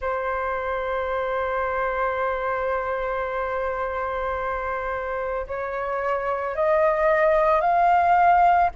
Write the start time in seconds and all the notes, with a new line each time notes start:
0.01 C5
5.47 C#5
6.55 D#5
7.61 F5